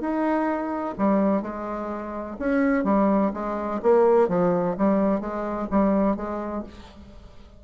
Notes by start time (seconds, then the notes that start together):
0.00 D#4
0.98 G3
1.42 G#3
2.39 C#4
2.84 G3
3.33 G#3
3.82 A#3
4.28 F3
4.77 G3
5.20 G#3
5.70 G3
6.16 G#3